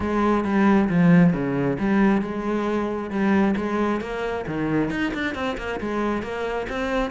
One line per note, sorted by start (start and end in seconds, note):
0.00 0.44 G#3
0.44 0.88 G3
0.89 1.33 F3
1.33 1.77 C#3
1.79 2.21 G3
2.21 3.10 G#3
3.10 3.54 G3
3.56 4.00 G#3
4.00 4.45 A#3
4.47 4.90 D#3
4.90 5.12 D#4
5.14 5.34 D4
5.34 5.57 C4
5.57 5.79 A#3
5.80 6.22 G#3
6.22 6.67 A#3
6.69 7.11 C4